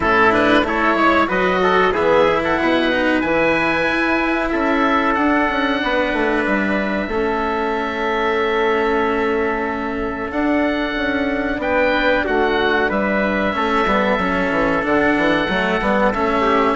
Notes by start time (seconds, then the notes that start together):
0.00 A2 C#4 E4 A4
0.31 D4 B4
0.63 A3 E4 A4 C#5
0.94 G#3 C#5
1.27 F#3 F#4 B4 D#5
1.62 A4
1.92 E3 B3 G#4 E5
2.27 E4
2.43 A4 F#5
2.60 B2 B4
2.91 D#4
3.21 E3 E4 G#5
3.87 E4
4.49 C#4 A4 E5
5.14 D4 F#5
5.49 C#4
5.82 B3 B4
6.12 A3
6.45 G3 E5
7.07 A3 C#4 A4
10.31 D4 F#5
10.95 C#4
11.57 B3 B4 G5
12.24 A3 F#4 F#5
12.88 G3 B4 E5
13.53 A3 C#4 A4
13.86 G3 B3
14.18 F#3 C#4
14.50 E3
14.82 D3 D4 F#5
15.17 E3
15.48 F#3 A3
15.81 G3 B3
16.13 A3 C#4 E5
16.41 G4